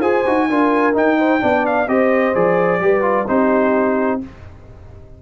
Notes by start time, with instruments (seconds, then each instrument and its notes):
0.00 tuba F4, trombone G#4, horn C5, trumpet G#5
0.26 tuba D#4, trombone F#4
0.49 tuba D4, trombone F4, horn A#4
0.94 trombone D#4, tuba D#4, trumpet G5
1.18 horn C5
1.40 tuba B3, trombone D4, horn D5
1.66 trumpet F5
1.88 tuba C4, trombone G4, horn C5, trumpet D#5
2.35 tuba F3, trombone G#4, trumpet D5
2.80 tuba G3, trombone G4, horn B4
3.02 trombone F4
3.27 tuba C4, trombone D#4, horn G4, trumpet C5